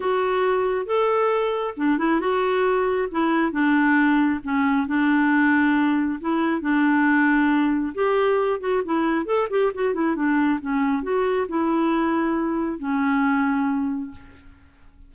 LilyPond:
\new Staff \with { instrumentName = "clarinet" } { \time 4/4 \tempo 4 = 136 fis'2 a'2 | d'8 e'8 fis'2 e'4 | d'2 cis'4 d'4~ | d'2 e'4 d'4~ |
d'2 g'4. fis'8 | e'4 a'8 g'8 fis'8 e'8 d'4 | cis'4 fis'4 e'2~ | e'4 cis'2. | }